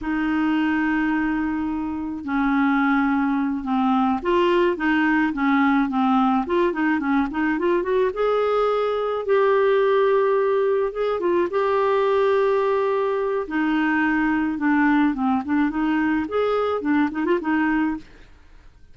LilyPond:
\new Staff \with { instrumentName = "clarinet" } { \time 4/4 \tempo 4 = 107 dis'1 | cis'2~ cis'8 c'4 f'8~ | f'8 dis'4 cis'4 c'4 f'8 | dis'8 cis'8 dis'8 f'8 fis'8 gis'4.~ |
gis'8 g'2. gis'8 | f'8 g'2.~ g'8 | dis'2 d'4 c'8 d'8 | dis'4 gis'4 d'8 dis'16 f'16 dis'4 | }